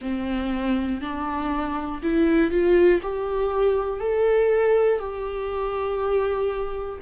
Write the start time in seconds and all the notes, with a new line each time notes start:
0.01 C4
1.00 D4
2.02 E4
2.50 F4
3.02 G4
4.00 A4
4.99 G4